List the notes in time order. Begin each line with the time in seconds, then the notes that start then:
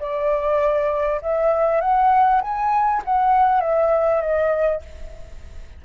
0.00 D5
1.22 E5
1.81 F#5
2.42 G#5
3.05 F#5
3.61 E5
4.22 D#5